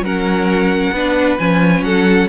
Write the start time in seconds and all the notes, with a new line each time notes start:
0.00 F#3 C#4 A#4 F#5
0.91 B3 D4 B4
1.38 F3 C#4 G#5
1.81 F#3 A4 F#5